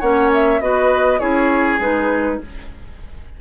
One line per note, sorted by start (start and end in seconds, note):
0.00 0.61 A#3
0.00 0.61 C#4
0.00 0.60 C#5
0.00 0.30 F#5
0.34 0.61 E5
0.61 1.21 B3
0.61 1.19 F#4
0.61 1.20 B4
0.61 1.19 D#5
1.19 1.79 C#4
1.19 1.79 E4
1.19 2.40 G#4
1.19 1.79 C#5
1.79 2.39 G#3
1.79 2.41 D#4
1.79 2.41 B4